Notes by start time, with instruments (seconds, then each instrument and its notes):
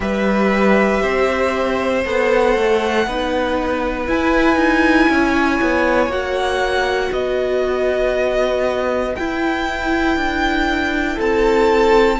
0.00 cello G3, viola G4, violin B4 E5
1.02 cello C4, violin C5
2.05 cello B3, viola A4, violin F#5
2.56 cello A3
3.06 cello B3, viola D#4, violin B4
4.06 viola E4, cello E4, violin G#5
4.56 cello D#4
5.08 cello C#4, violin C#5
5.61 cello B3
6.07 cello A#3, viola F#4, violin F#5
7.09 cello B3, violin B4 D#5
9.15 viola E4, cello E4, violin G5
10.16 cello D4
11.15 cello C4, violin A4 A5